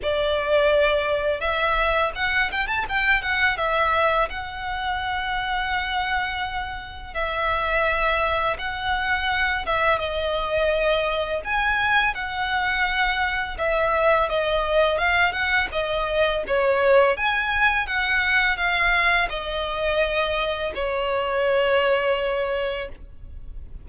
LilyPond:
\new Staff \with { instrumentName = "violin" } { \time 4/4 \tempo 4 = 84 d''2 e''4 fis''8 g''16 a''16 | g''8 fis''8 e''4 fis''2~ | fis''2 e''2 | fis''4. e''8 dis''2 |
gis''4 fis''2 e''4 | dis''4 f''8 fis''8 dis''4 cis''4 | gis''4 fis''4 f''4 dis''4~ | dis''4 cis''2. | }